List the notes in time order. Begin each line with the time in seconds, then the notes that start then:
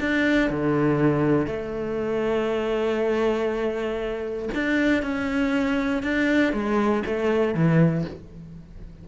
0.00 D4
0.50 D3
1.47 A3
4.54 D4
5.03 C#4
6.03 D4
6.53 G#3
7.06 A3
7.54 E3